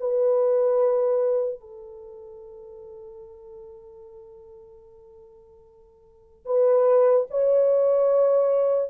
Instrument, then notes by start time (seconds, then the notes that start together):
horn
0.00 B4
1.60 A4
6.45 B4
7.30 C#5